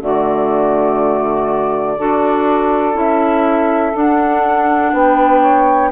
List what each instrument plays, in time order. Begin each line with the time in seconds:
0.00 bassoon D3, clarinet A3, saxophone F#4, flute D5
1.97 bassoon D4, clarinet F#4, saxophone A4
2.93 bassoon C#4, clarinet E4, flute E5
3.95 bassoon D4, clarinet D4, flute F#5
4.92 bassoon B3, saxophone B4, flute G5
5.40 saxophone C#5